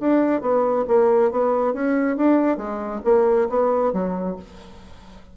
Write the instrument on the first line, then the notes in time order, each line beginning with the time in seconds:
bassoon
0.00 D4
0.41 B3
0.88 A#3
1.31 B3
1.74 C#4
2.17 D4
2.57 G#3
3.05 A#3
3.49 B3
3.93 F#3